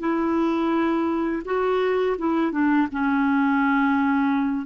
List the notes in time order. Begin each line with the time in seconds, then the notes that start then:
0.00 E4
1.45 F#4
2.19 E4
2.52 D4
2.92 C#4